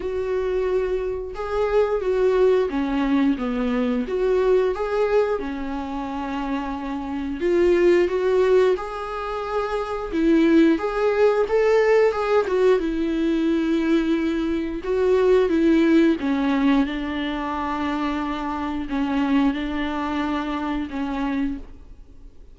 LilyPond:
\new Staff \with { instrumentName = "viola" } { \time 4/4 \tempo 4 = 89 fis'2 gis'4 fis'4 | cis'4 b4 fis'4 gis'4 | cis'2. f'4 | fis'4 gis'2 e'4 |
gis'4 a'4 gis'8 fis'8 e'4~ | e'2 fis'4 e'4 | cis'4 d'2. | cis'4 d'2 cis'4 | }